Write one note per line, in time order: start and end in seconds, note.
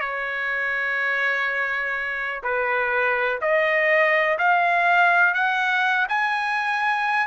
0.00 2.42 C#5
2.43 3.40 B4
3.41 4.38 D#5
4.38 5.34 F5
5.34 6.07 F#5
6.09 7.27 G#5